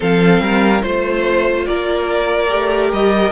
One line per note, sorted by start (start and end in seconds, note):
0.00 0.40 F3
0.00 0.81 C4
0.00 0.42 A4
0.00 0.82 F5
0.40 0.82 G3
0.40 0.84 A#4
0.81 1.67 A3
0.81 2.47 F4
0.81 1.65 C5
0.81 1.67 C5
1.65 2.52 A#3
1.65 3.32 A#4
1.65 2.90 D5
2.48 2.92 A3
2.48 3.31 G4
2.92 3.32 G3
2.92 3.32 D#5